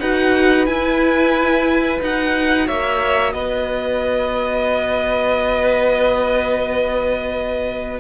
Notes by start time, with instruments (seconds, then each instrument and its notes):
0.00 cello D#4, viola F#4, violin B4 F#5
0.66 cello E4, viola E4, violin G#5
2.01 cello D#4, viola F#4, violin F#5
2.67 cello A#3, violin C#5 E5
3.33 cello B3, violin B4 D#5